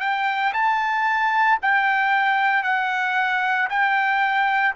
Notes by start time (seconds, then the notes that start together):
0.00 G5
0.53 A5
1.62 G5
2.63 F#5
3.69 G5